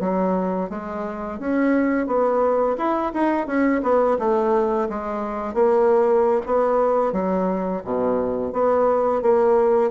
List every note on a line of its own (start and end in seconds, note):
0.00 0.70 F#3
0.70 1.39 G#3
1.39 2.07 C#4
2.07 2.77 B3
2.77 3.12 E4
3.14 3.47 D#4
3.47 3.82 C#4
3.83 4.18 B3
4.19 4.89 A3
4.89 5.54 G#3
5.54 6.41 A#3
6.46 7.12 B3
7.12 7.82 F#3
7.84 8.53 B2
8.53 9.22 B3
9.22 9.91 A#3